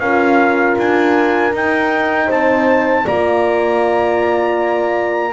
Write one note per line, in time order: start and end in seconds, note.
0.00 0.76 C#4
0.00 1.54 F4
0.00 2.27 A#4
0.00 0.76 F5
0.78 1.53 D4
0.78 1.55 G#5
1.53 2.29 D#4
1.53 3.06 D#4
1.53 2.31 G5
2.27 3.06 C4
2.27 3.03 C5
2.27 3.07 A5
3.05 5.34 A#3
3.05 5.34 F4
3.05 5.33 D5
3.05 5.34 A#5